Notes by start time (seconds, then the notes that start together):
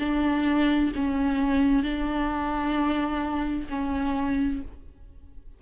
0.00 D4
0.96 C#4
1.83 D4
3.70 C#4